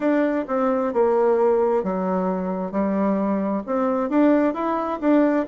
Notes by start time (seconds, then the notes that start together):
0.00 D4
0.48 C4
0.93 A#3
1.83 F#3
2.71 G3
3.66 C4
4.09 D4
4.54 E4
5.00 D4